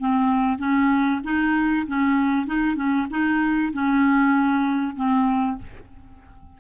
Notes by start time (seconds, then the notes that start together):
0.00 C4
0.58 C#4
1.24 D#4
1.88 C#4
2.47 D#4
2.76 C#4
3.10 D#4
3.73 C#4
4.96 C4